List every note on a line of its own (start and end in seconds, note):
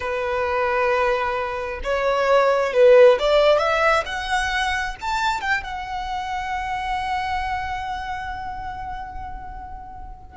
0.00 1.80 B4
1.83 2.73 C#5
2.73 3.18 B4
3.19 3.58 D5
3.58 4.03 E5
4.05 4.95 F#5
5.00 5.41 A5
5.41 5.63 G5
5.63 10.37 F#5